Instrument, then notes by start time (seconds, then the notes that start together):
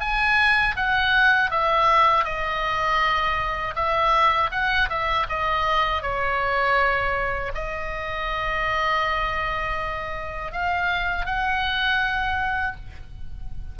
oboe
0.00 G#5
0.76 F#5
1.50 E5
2.24 D#5
3.75 E5
4.51 F#5
4.89 E5
5.29 D#5
6.02 C#5
7.54 D#5
10.52 F5
11.26 F#5